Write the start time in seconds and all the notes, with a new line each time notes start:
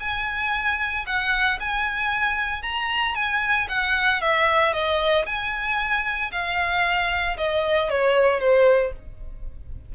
0.00 G#5
1.06 F#5
1.60 G#5
2.62 A#5
3.15 G#5
3.69 F#5
4.21 E5
4.73 D#5
5.26 G#5
6.32 F5
7.37 D#5
7.89 C#5
8.40 C5